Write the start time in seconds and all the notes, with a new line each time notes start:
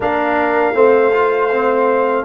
0.00 A#3 D4 A#4 F5
0.73 A3 C4 C5
1.12 F4
1.52 C4